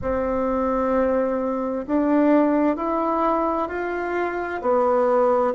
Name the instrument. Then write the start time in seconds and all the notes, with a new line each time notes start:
bassoon
0.01 C4
1.87 D4
2.76 E4
3.68 F4
4.62 B3